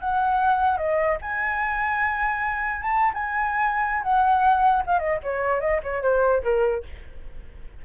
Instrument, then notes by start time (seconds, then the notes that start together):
flute
0.00 F#5
0.77 D#5
1.21 G#5
2.82 A5
3.13 G#5
4.02 F#5
4.86 F5
4.98 D#5
5.23 C#5
5.60 D#5
5.83 C#5
6.02 C5
6.43 A#4